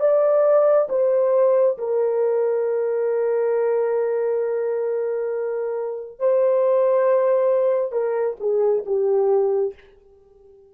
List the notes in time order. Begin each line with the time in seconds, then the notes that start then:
0.00 D5
0.89 C5
1.78 A#4
6.19 C5
7.93 A#4
8.40 G#4
8.86 G4